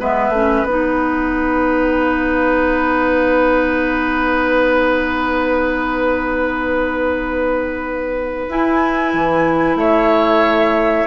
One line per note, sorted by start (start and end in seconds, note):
0.00 0.29 G#3
0.00 0.33 B3
0.00 9.78 B4
0.00 0.65 E5
0.29 0.62 A3
0.29 0.67 C#4
0.64 8.47 B3
0.64 8.49 D#4
0.64 8.47 F#5
8.49 9.14 E4
8.49 11.07 E4
8.49 9.78 G#5
9.14 9.76 E3
9.76 11.06 A3
9.76 11.07 C#5
9.76 11.07 E5